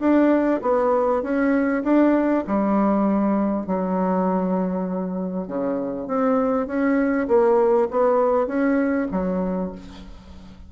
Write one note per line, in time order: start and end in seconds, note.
0.00 0.61 D4
0.62 1.23 B3
1.23 1.83 C#4
1.84 2.44 D4
2.47 3.67 G3
3.67 5.48 F#3
5.48 6.08 C#3
6.08 6.67 C4
6.67 7.28 C#4
7.28 7.88 A#3
7.91 8.47 B3
8.47 9.08 C#4
9.12 9.72 F#3